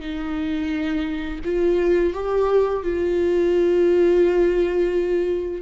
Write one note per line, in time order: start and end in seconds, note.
0.00 1.40 D#4
1.45 2.13 F4
2.13 2.83 G4
2.83 5.61 F4